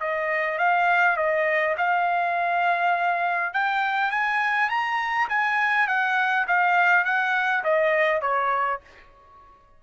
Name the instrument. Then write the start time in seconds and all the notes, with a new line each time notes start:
trumpet
0.00 D#5
0.58 F5
1.16 D#5
1.77 F5
3.53 G5
4.11 G#5
4.69 A#5
5.29 G#5
5.87 F#5
6.47 F5
7.04 F#5
7.63 D#5
8.21 C#5